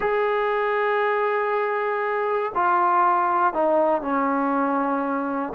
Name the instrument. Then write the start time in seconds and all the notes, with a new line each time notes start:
trombone
0.00 G#4
2.54 F4
3.53 D#4
4.01 C#4